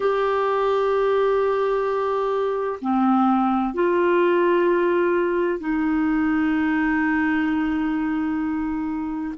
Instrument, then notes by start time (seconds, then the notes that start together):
clarinet
0.00 G4
2.81 C4
3.73 F4
5.59 D#4